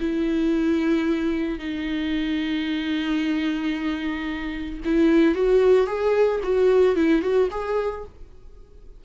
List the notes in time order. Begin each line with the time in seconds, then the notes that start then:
0.00 E4
1.59 D#4
4.85 E4
5.35 F#4
5.87 G#4
6.43 F#4
6.95 E4
7.22 F#4
7.51 G#4